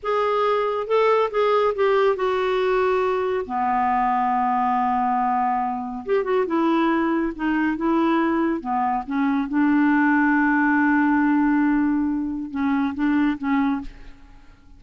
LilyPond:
\new Staff \with { instrumentName = "clarinet" } { \time 4/4 \tempo 4 = 139 gis'2 a'4 gis'4 | g'4 fis'2. | b1~ | b2 g'8 fis'8 e'4~ |
e'4 dis'4 e'2 | b4 cis'4 d'2~ | d'1~ | d'4 cis'4 d'4 cis'4 | }